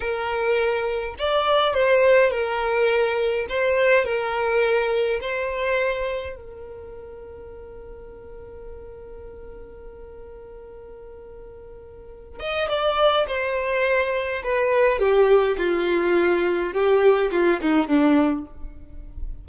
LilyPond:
\new Staff \with { instrumentName = "violin" } { \time 4/4 \tempo 4 = 104 ais'2 d''4 c''4 | ais'2 c''4 ais'4~ | ais'4 c''2 ais'4~ | ais'1~ |
ais'1~ | ais'4. dis''8 d''4 c''4~ | c''4 b'4 g'4 f'4~ | f'4 g'4 f'8 dis'8 d'4 | }